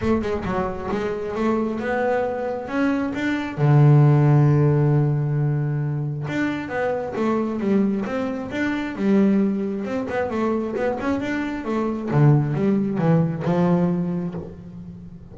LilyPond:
\new Staff \with { instrumentName = "double bass" } { \time 4/4 \tempo 4 = 134 a8 gis8 fis4 gis4 a4 | b2 cis'4 d'4 | d1~ | d2 d'4 b4 |
a4 g4 c'4 d'4 | g2 c'8 b8 a4 | b8 cis'8 d'4 a4 d4 | g4 e4 f2 | }